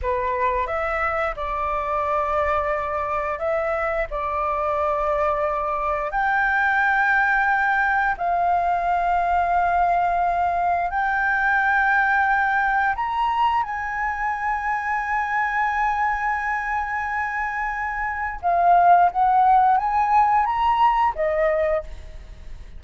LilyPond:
\new Staff \with { instrumentName = "flute" } { \time 4/4 \tempo 4 = 88 b'4 e''4 d''2~ | d''4 e''4 d''2~ | d''4 g''2. | f''1 |
g''2. ais''4 | gis''1~ | gis''2. f''4 | fis''4 gis''4 ais''4 dis''4 | }